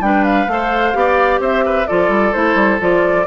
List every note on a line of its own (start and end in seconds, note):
0.00 0.47 G3
0.00 0.48 D4
0.00 0.51 B4
0.00 0.24 G5
0.24 1.40 F5
0.47 0.94 A3
0.47 0.93 A4
0.47 0.98 C5
0.93 1.39 B3
0.93 1.86 G4
0.93 1.41 D5
1.39 1.86 C4
1.39 1.64 C5
1.39 1.87 E5
1.65 1.87 B4
1.87 2.09 F3
1.87 2.33 F4
1.87 3.27 A4
1.87 2.33 D5
2.09 2.32 G3
2.33 2.55 A3
2.33 2.79 E4
2.33 2.79 C5
2.55 2.78 G3
2.79 3.27 F3
2.79 3.26 F4
2.79 3.27 D5